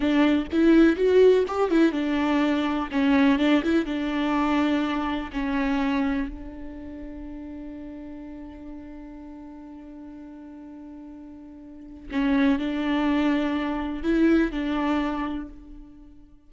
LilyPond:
\new Staff \with { instrumentName = "viola" } { \time 4/4 \tempo 4 = 124 d'4 e'4 fis'4 g'8 e'8 | d'2 cis'4 d'8 e'8 | d'2. cis'4~ | cis'4 d'2.~ |
d'1~ | d'1~ | d'4 cis'4 d'2~ | d'4 e'4 d'2 | }